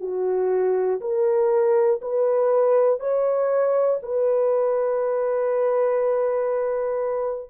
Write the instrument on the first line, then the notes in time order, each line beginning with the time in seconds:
horn
0.00 F#4
1.00 A#4
2.02 B4
3.00 C#5
4.03 B4